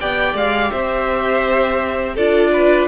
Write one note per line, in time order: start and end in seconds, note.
0.00 0.34 B3
0.00 2.17 G4
0.00 0.71 D5
0.00 0.36 G5
0.34 0.70 G#3
0.34 0.71 F5
0.71 2.17 C4
0.71 2.14 C5
0.71 2.16 E5
2.14 2.88 D4
2.14 2.88 F4
2.14 2.50 A4
2.14 2.88 D5
2.53 2.88 B4